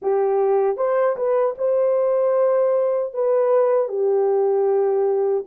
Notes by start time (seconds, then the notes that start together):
0.02 G4
0.77 C5
1.16 B4
1.58 C5
3.13 B4
3.88 G4